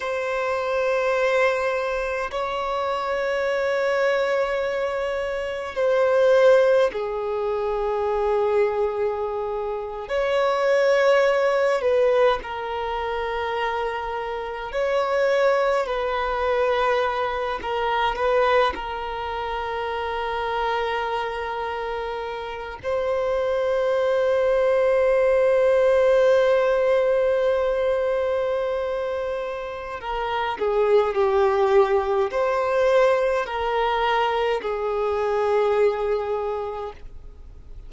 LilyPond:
\new Staff \with { instrumentName = "violin" } { \time 4/4 \tempo 4 = 52 c''2 cis''2~ | cis''4 c''4 gis'2~ | gis'8. cis''4. b'8 ais'4~ ais'16~ | ais'8. cis''4 b'4. ais'8 b'16~ |
b'16 ais'2.~ ais'8 c''16~ | c''1~ | c''2 ais'8 gis'8 g'4 | c''4 ais'4 gis'2 | }